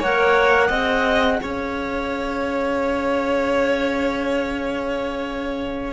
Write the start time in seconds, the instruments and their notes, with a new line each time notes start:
0.00 cello A#3, clarinet A#4 F#5, violin C#5
0.68 cello C4, clarinet G#4, violin D#5
1.42 cello C#4, violin C#5, clarinet F5